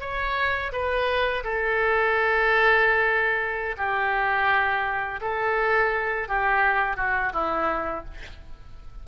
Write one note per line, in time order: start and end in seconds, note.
0.00 0.71 C#5
0.72 1.43 B4
1.44 3.76 A4
3.77 5.20 G4
5.21 6.28 A4
6.28 6.96 G4
6.96 7.32 F#4
7.33 8.04 E4